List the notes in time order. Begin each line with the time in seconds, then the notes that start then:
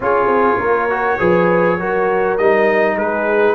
0.00 C#4 F4 G#4 C#5
0.26 C4
0.58 A#3 A#4
0.89 F#4
1.19 F3 G#4 B4
1.79 F#3 F#4 A#4
2.37 G3 D#4 D#5
2.95 G#3 G#4 B4